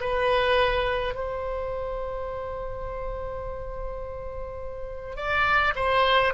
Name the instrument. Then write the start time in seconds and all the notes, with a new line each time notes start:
oboe
0.00 B4
1.15 C5
5.16 D5
5.75 C5